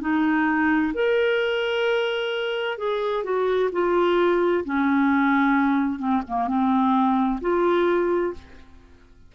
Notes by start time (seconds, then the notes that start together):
0.00 D#4
0.94 A#4
2.77 G#4
3.23 F#4
3.72 F4
4.64 C#4
5.98 C4
6.27 A#3
6.47 C4
7.41 F4